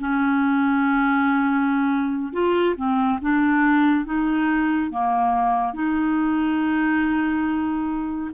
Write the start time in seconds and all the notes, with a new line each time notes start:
0.00 C#4
2.33 F4
2.76 C4
3.21 D4
4.05 D#4
4.91 A#3
5.74 D#4